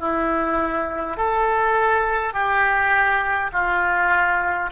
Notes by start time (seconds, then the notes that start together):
0.00 E4
1.18 A4
2.34 G4
3.53 F4